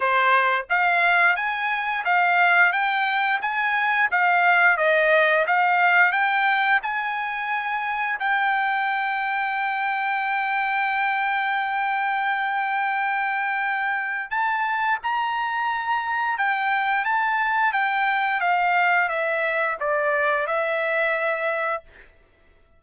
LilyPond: \new Staff \with { instrumentName = "trumpet" } { \time 4/4 \tempo 4 = 88 c''4 f''4 gis''4 f''4 | g''4 gis''4 f''4 dis''4 | f''4 g''4 gis''2 | g''1~ |
g''1~ | g''4 a''4 ais''2 | g''4 a''4 g''4 f''4 | e''4 d''4 e''2 | }